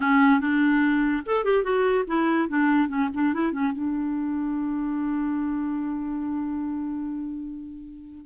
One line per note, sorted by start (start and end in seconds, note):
0.00 0.40 C#4
0.40 1.23 D4
1.26 1.44 A4
1.44 1.63 G4
1.63 2.04 F#4
2.07 2.48 E4
2.48 2.88 D4
2.88 3.09 C#4
3.14 3.33 D4
3.33 3.52 E4
3.52 3.72 C#4
3.72 8.25 D4